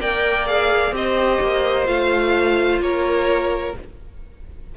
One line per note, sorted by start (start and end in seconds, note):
0.00 0.91 A#3
0.00 0.47 A#4
0.00 0.94 D5
0.00 0.47 G5
0.47 0.92 G#4
0.47 0.94 F5
0.91 1.38 C4
0.91 1.86 G4
0.91 2.83 C5
0.91 1.87 D#5
1.40 1.87 A#3
1.86 2.79 A3
1.86 3.73 F4
1.86 2.81 F5
2.79 3.73 A#3
2.79 3.77 A#4
2.79 3.75 C#5